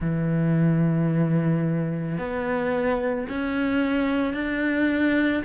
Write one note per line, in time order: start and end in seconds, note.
0.00 2.18 E3
2.18 3.27 B3
3.28 4.33 C#4
4.33 5.42 D4